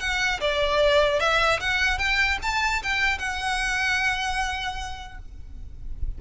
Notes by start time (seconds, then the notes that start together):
0.00 F#5
0.40 D5
1.19 E5
1.60 F#5
1.98 G5
2.42 A5
2.83 G5
3.18 F#5